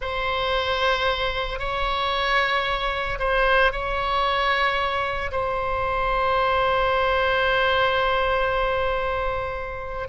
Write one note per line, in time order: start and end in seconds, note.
0.01 1.59 C5
1.59 3.18 C#5
3.19 3.72 C5
3.72 5.31 C#5
5.31 10.08 C5